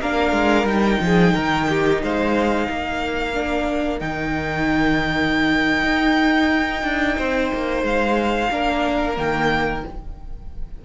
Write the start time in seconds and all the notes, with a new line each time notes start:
0.00 A#3 D4 A#4 F5
0.32 G#3
0.64 G3 D#4 G5
1.00 F3 G#4
1.33 D#3 A#4
1.69 G4
2.02 G#3 C5 F5
2.69 A#3 A#4
3.33 D4
3.99 D#3 D#4 G5
5.83 D#4
6.83 D4
7.17 C4 C5
7.53 A#3
7.82 G#3 F5
8.51 A#3 D4 A#4
9.15 D#3 A#3 G5